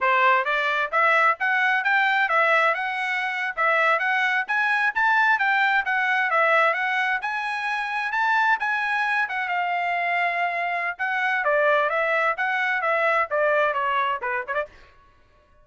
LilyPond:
\new Staff \with { instrumentName = "trumpet" } { \time 4/4 \tempo 4 = 131 c''4 d''4 e''4 fis''4 | g''4 e''4 fis''4.~ fis''16 e''16~ | e''8. fis''4 gis''4 a''4 g''16~ | g''8. fis''4 e''4 fis''4 gis''16~ |
gis''4.~ gis''16 a''4 gis''4~ gis''16~ | gis''16 fis''8 f''2.~ f''16 | fis''4 d''4 e''4 fis''4 | e''4 d''4 cis''4 b'8 cis''16 d''16 | }